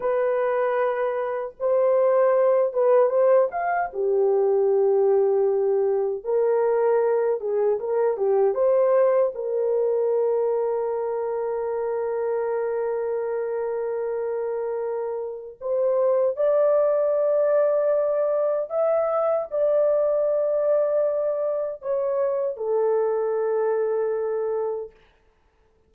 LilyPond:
\new Staff \with { instrumentName = "horn" } { \time 4/4 \tempo 4 = 77 b'2 c''4. b'8 | c''8 f''8 g'2. | ais'4. gis'8 ais'8 g'8 c''4 | ais'1~ |
ais'1 | c''4 d''2. | e''4 d''2. | cis''4 a'2. | }